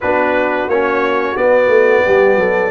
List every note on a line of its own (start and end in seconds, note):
0.00 0.67 B3
0.00 0.70 D4
0.00 2.05 F#4
0.00 0.69 B4
0.67 1.35 A#3
0.67 1.36 C#4
0.67 1.37 C#5
1.36 2.71 B3
1.36 1.67 B3
1.36 2.71 D5
1.67 2.02 A3
2.05 2.36 G3
2.05 2.39 G4
2.36 2.70 F#3
2.36 2.71 A4